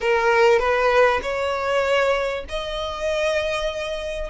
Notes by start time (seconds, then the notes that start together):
0.00 A#4
0.59 B4
1.22 C#5
2.48 D#5